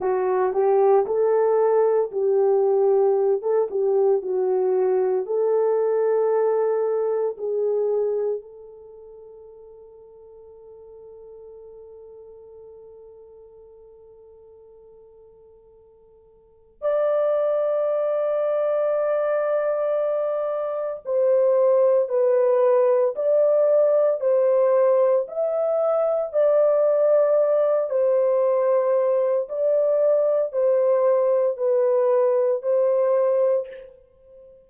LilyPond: \new Staff \with { instrumentName = "horn" } { \time 4/4 \tempo 4 = 57 fis'8 g'8 a'4 g'4~ g'16 a'16 g'8 | fis'4 a'2 gis'4 | a'1~ | a'1 |
d''1 | c''4 b'4 d''4 c''4 | e''4 d''4. c''4. | d''4 c''4 b'4 c''4 | }